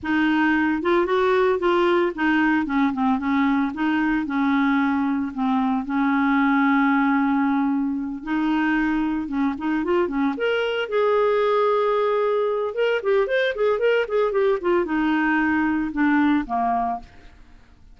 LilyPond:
\new Staff \with { instrumentName = "clarinet" } { \time 4/4 \tempo 4 = 113 dis'4. f'8 fis'4 f'4 | dis'4 cis'8 c'8 cis'4 dis'4 | cis'2 c'4 cis'4~ | cis'2.~ cis'8 dis'8~ |
dis'4. cis'8 dis'8 f'8 cis'8 ais'8~ | ais'8 gis'2.~ gis'8 | ais'8 g'8 c''8 gis'8 ais'8 gis'8 g'8 f'8 | dis'2 d'4 ais4 | }